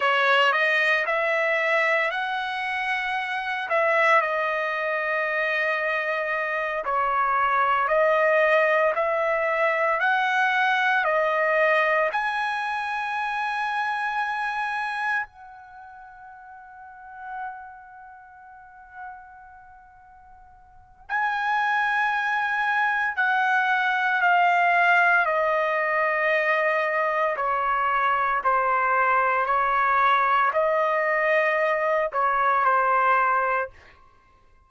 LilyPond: \new Staff \with { instrumentName = "trumpet" } { \time 4/4 \tempo 4 = 57 cis''8 dis''8 e''4 fis''4. e''8 | dis''2~ dis''8 cis''4 dis''8~ | dis''8 e''4 fis''4 dis''4 gis''8~ | gis''2~ gis''8 fis''4.~ |
fis''1 | gis''2 fis''4 f''4 | dis''2 cis''4 c''4 | cis''4 dis''4. cis''8 c''4 | }